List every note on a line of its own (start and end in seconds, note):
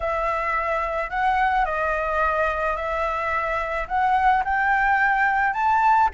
0.00 1.10 E5
1.10 1.65 F#5
1.65 2.76 D#5
2.76 3.87 E5
3.87 4.43 F#5
4.44 5.53 G5
5.53 6.09 A5